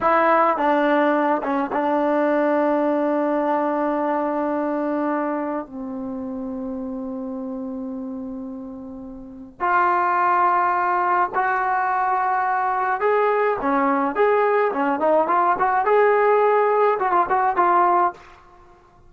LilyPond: \new Staff \with { instrumentName = "trombone" } { \time 4/4 \tempo 4 = 106 e'4 d'4. cis'8 d'4~ | d'1~ | d'2 c'2~ | c'1~ |
c'4 f'2. | fis'2. gis'4 | cis'4 gis'4 cis'8 dis'8 f'8 fis'8 | gis'2 fis'16 f'16 fis'8 f'4 | }